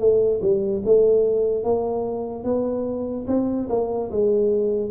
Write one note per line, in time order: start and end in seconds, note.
0.00 0.41 A3
0.42 0.83 G3
0.86 1.64 A3
1.64 2.44 A#3
2.44 3.27 B3
3.28 3.69 C4
3.70 4.11 A#3
4.12 4.91 G#3